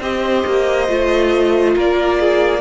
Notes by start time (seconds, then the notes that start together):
0.00 C4 G4 C5 D#5
0.46 A#3
0.88 A3 F4
1.75 A#3 A#4 D5
2.20 G#4